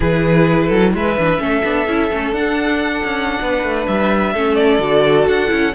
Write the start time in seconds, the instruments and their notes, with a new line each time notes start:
0.00 cello E3, viola E4, violin G#4 B4
0.67 cello F#3, violin A4
0.93 cello G#3, violin B4 E5
1.17 cello E3, viola D4
1.39 cello A3, viola C#4, violin A4
1.64 cello B3, viola D4
1.87 cello C#4, viola E4
2.12 cello A3, viola C#4
2.32 cello D4, viola D4, violin F#5
3.03 cello C#4
3.41 cello B3, violin B4
3.63 cello A3
3.87 cello G3, violin E5
4.33 cello A3, viola C#4, violin A4
4.55 violin D5
4.79 cello D3, viola F#4
5.27 cello D4, violin F#5
5.48 cello C#4, viola E4